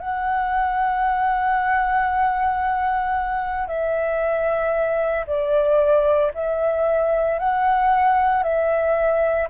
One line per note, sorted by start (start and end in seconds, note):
0.00 3.67 F#5
3.67 5.25 E5
5.27 6.32 D5
6.34 7.39 E5
7.39 8.44 F#5
8.44 9.49 E5